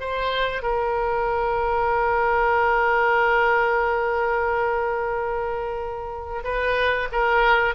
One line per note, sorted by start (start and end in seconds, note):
0.00 0.62 C5
0.62 6.43 A#4
6.44 7.09 B4
7.12 7.75 A#4